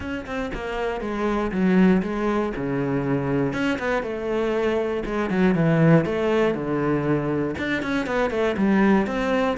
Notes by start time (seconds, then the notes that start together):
0.00 C#4
0.26 C4
0.54 A#3
1.00 G#3
1.51 F#3
2.02 G#3
2.56 C#3
3.53 C#4
3.78 B3
4.02 A3
5.05 G#3
5.29 F#3
5.54 E3
6.05 A3
6.54 D3
7.57 D4
7.82 C#4
8.06 B3
8.30 A3
8.57 G3
9.06 C4